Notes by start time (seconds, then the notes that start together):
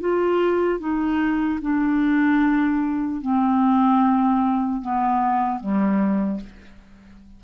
0.00 F4
0.80 D#4
1.61 D4
3.21 C4
4.81 B3
5.60 G3